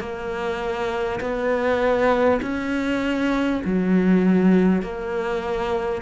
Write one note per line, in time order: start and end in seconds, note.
0.00 1.20 A#3
1.21 2.41 B3
2.42 3.62 C#4
3.65 4.83 F#3
4.83 6.02 A#3